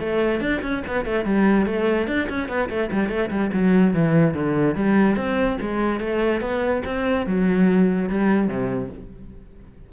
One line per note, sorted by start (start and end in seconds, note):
0.00 0.41 A3
0.41 0.61 D4
0.62 0.83 C#4
0.87 1.05 B3
1.05 1.25 A3
1.25 1.66 G3
1.66 2.07 A3
2.07 2.28 D4
2.29 2.49 C#4
2.49 2.69 B3
2.70 2.90 A3
2.92 3.09 G3
3.09 3.30 A3
3.30 3.51 G3
3.54 3.94 F#3
3.94 4.34 E3
4.34 4.75 D3
4.75 5.16 G3
5.16 5.58 C4
5.61 6.00 G#3
6.00 6.41 A3
6.41 6.82 B3
6.85 7.27 C4
7.27 8.09 F#3
8.10 8.48 G3
8.48 8.89 C3